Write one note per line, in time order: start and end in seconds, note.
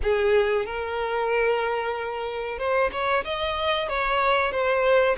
0.02 0.65 G#4
0.65 2.58 A#4
2.58 2.90 C5
2.91 3.24 C#5
3.24 3.88 D#5
3.88 4.51 C#5
4.51 5.16 C5